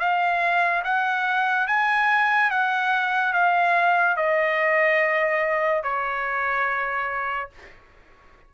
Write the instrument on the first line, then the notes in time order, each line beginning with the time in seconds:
trumpet
0.00 F5
0.84 F#5
1.68 G#5
2.51 F#5
3.34 F5
4.17 D#5
5.83 C#5